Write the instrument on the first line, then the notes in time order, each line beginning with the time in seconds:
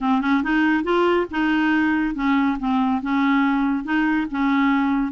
clarinet
0.00 C4
0.21 C#4
0.43 D#4
0.83 F4
1.30 D#4
2.14 C#4
2.59 C4
3.02 C#4
3.84 D#4
4.30 C#4